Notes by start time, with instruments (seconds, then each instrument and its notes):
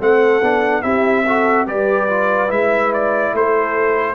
0.00 tuba A3, trombone C4, horn A4, trumpet F#5
0.42 tuba B3, trombone D4
0.83 tuba C4, trombone E4, horn G4, trumpet E5
1.26 trombone F#4, horn A4
1.67 tuba G3, trombone G4, horn B4, trumpet D5
2.09 trombone F4
2.49 tuba G#3, trombone E4, trumpet E5
2.94 trumpet D5
3.33 tuba A3, horn A4, trumpet C5